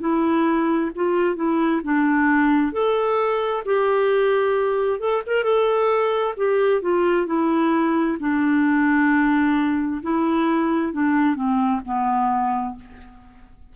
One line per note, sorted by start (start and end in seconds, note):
0.00 0.91 E4
0.95 1.36 F4
1.36 1.81 E4
1.83 2.72 D4
2.72 3.63 A4
3.65 5.00 G4
5.00 5.22 A4
5.26 5.44 A#4
5.44 6.35 A4
6.37 6.81 G4
6.81 7.26 F4
7.26 8.17 E4
8.20 10.02 D4
10.02 10.93 E4
10.93 11.35 D4
11.35 11.81 C4
11.85 12.76 B3